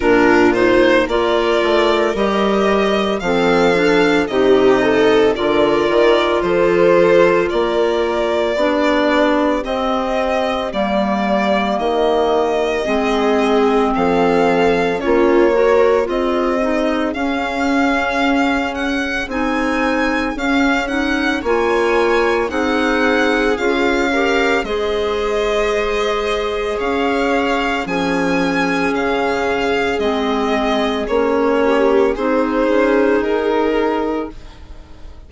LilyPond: <<
  \new Staff \with { instrumentName = "violin" } { \time 4/4 \tempo 4 = 56 ais'8 c''8 d''4 dis''4 f''4 | dis''4 d''4 c''4 d''4~ | d''4 dis''4 d''4 dis''4~ | dis''4 f''4 cis''4 dis''4 |
f''4. fis''8 gis''4 f''8 fis''8 | gis''4 fis''4 f''4 dis''4~ | dis''4 f''4 gis''4 f''4 | dis''4 cis''4 c''4 ais'4 | }
  \new Staff \with { instrumentName = "viola" } { \time 4/4 f'4 ais'2 a'4 | g'8 a'8 ais'4 a'4 ais'4 | g'1 | gis'4 a'4 f'8 ais'8 gis'4~ |
gis'1 | cis''4 gis'4. ais'8 c''4~ | c''4 cis''4 gis'2~ | gis'4. g'8 gis'2 | }
  \new Staff \with { instrumentName = "clarinet" } { \time 4/4 d'8 dis'8 f'4 g'4 c'8 d'8 | dis'4 f'2. | d'4 c'4 ais2 | c'2 cis'8 fis'8 f'8 dis'8 |
cis'2 dis'4 cis'8 dis'8 | f'4 dis'4 f'8 g'8 gis'4~ | gis'2 cis'2 | c'4 cis'4 dis'2 | }
  \new Staff \with { instrumentName = "bassoon" } { \time 4/4 ais,4 ais8 a8 g4 f4 | c4 d8 dis8 f4 ais4 | b4 c'4 g4 dis4 | gis4 f4 ais4 c'4 |
cis'2 c'4 cis'4 | ais4 c'4 cis'4 gis4~ | gis4 cis'4 f4 cis4 | gis4 ais4 c'8 cis'8 dis'4 | }
>>